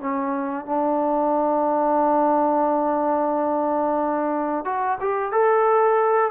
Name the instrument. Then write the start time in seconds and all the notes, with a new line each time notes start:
trombone
0.00 C#4
0.66 D4
4.65 F#4
5.01 G4
5.32 A4